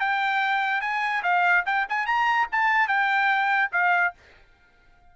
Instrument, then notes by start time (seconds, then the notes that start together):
trumpet
0.00 G5
0.81 G#5
1.23 F5
1.66 G5
1.89 G#5
2.06 A#5
2.52 A5
2.88 G5
3.72 F5